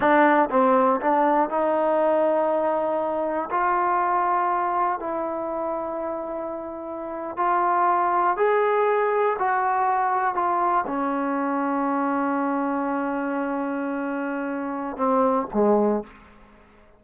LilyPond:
\new Staff \with { instrumentName = "trombone" } { \time 4/4 \tempo 4 = 120 d'4 c'4 d'4 dis'4~ | dis'2. f'4~ | f'2 e'2~ | e'2~ e'8. f'4~ f'16~ |
f'8. gis'2 fis'4~ fis'16~ | fis'8. f'4 cis'2~ cis'16~ | cis'1~ | cis'2 c'4 gis4 | }